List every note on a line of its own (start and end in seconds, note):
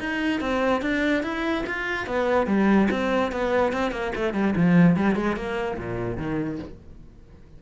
0.00 0.41 D#4
0.41 0.82 C4
0.82 1.23 D4
1.23 1.65 E4
1.67 2.07 F4
2.07 2.47 B3
2.47 2.88 G3
2.91 3.32 C4
3.32 3.73 B3
3.73 3.92 C4
3.92 4.12 A#3
4.15 4.34 A3
4.34 4.54 G3
4.56 4.97 F3
4.97 5.16 G3
5.16 5.36 G#3
5.36 5.78 A#3
5.78 6.18 A#2
6.18 6.59 D#3